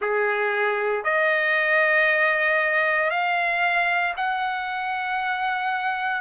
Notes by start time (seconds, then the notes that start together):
0.00 G#4
1.03 D#5
3.10 F5
4.17 F#5